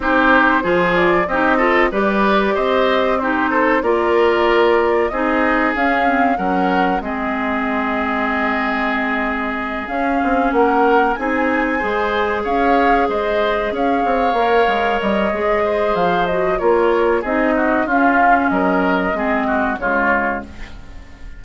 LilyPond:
<<
  \new Staff \with { instrumentName = "flute" } { \time 4/4 \tempo 4 = 94 c''4. d''8 dis''4 d''4 | dis''4 c''4 d''2 | dis''4 f''4 fis''4 dis''4~ | dis''2.~ dis''8 f''8~ |
f''8 fis''4 gis''2 f''8~ | f''8 dis''4 f''2 dis''8~ | dis''4 f''8 dis''8 cis''4 dis''4 | f''4 dis''2 cis''4 | }
  \new Staff \with { instrumentName = "oboe" } { \time 4/4 g'4 gis'4 g'8 a'8 b'4 | c''4 g'8 a'8 ais'2 | gis'2 ais'4 gis'4~ | gis'1~ |
gis'8 ais'4 gis'4 c''4 cis''8~ | cis''8 c''4 cis''2~ cis''8~ | cis''8 c''4. ais'4 gis'8 fis'8 | f'4 ais'4 gis'8 fis'8 f'4 | }
  \new Staff \with { instrumentName = "clarinet" } { \time 4/4 dis'4 f'4 dis'8 f'8 g'4~ | g'4 dis'4 f'2 | dis'4 cis'8 c'8 cis'4 c'4~ | c'2.~ c'8 cis'8~ |
cis'4. dis'4 gis'4.~ | gis'2~ gis'8 ais'4. | gis'4. fis'8 f'4 dis'4 | cis'2 c'4 gis4 | }
  \new Staff \with { instrumentName = "bassoon" } { \time 4/4 c'4 f4 c'4 g4 | c'2 ais2 | c'4 cis'4 fis4 gis4~ | gis2.~ gis8 cis'8 |
c'8 ais4 c'4 gis4 cis'8~ | cis'8 gis4 cis'8 c'8 ais8 gis8 g8 | gis4 f4 ais4 c'4 | cis'4 fis4 gis4 cis4 | }
>>